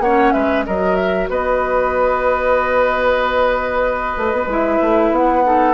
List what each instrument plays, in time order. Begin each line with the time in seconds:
0.00 bassoon A#3, clarinet C#4, oboe C#5, flute F#5
0.32 bassoon G#3, oboe B4, flute E5
0.66 bassoon F#3, clarinet F#4, oboe A#4, flute D#5
0.96 flute E5
1.29 bassoon B3, oboe B4, flute D#5
4.17 bassoon A3
4.33 bassoon B3
4.47 bassoon G#3, clarinet E4, flute E5
4.81 bassoon A3
5.11 bassoon B3, flute F#5
5.44 clarinet D#4, oboe A4